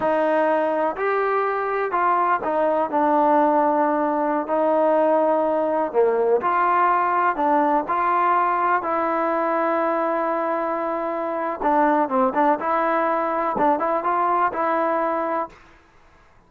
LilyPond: \new Staff \with { instrumentName = "trombone" } { \time 4/4 \tempo 4 = 124 dis'2 g'2 | f'4 dis'4 d'2~ | d'4~ d'16 dis'2~ dis'8.~ | dis'16 ais4 f'2 d'8.~ |
d'16 f'2 e'4.~ e'16~ | e'1 | d'4 c'8 d'8 e'2 | d'8 e'8 f'4 e'2 | }